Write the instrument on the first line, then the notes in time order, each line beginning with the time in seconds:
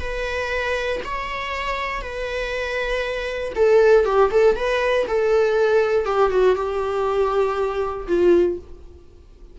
viola
0.00 B4
1.04 C#5
2.01 B4
3.55 A4
4.05 G4
4.31 A4
4.56 B4
5.07 A4
6.05 G4
6.30 F#4
6.56 G4
8.08 F4